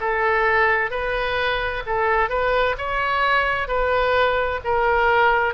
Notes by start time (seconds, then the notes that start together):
0.00 A4
0.91 B4
1.86 A4
2.30 B4
2.77 C#5
3.68 B4
4.64 A#4